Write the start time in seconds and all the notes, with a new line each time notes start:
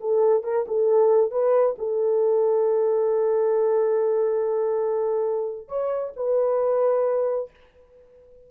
0.00 A4
0.43 A#4
0.68 A4
1.31 B4
1.78 A4
5.68 C#5
6.16 B4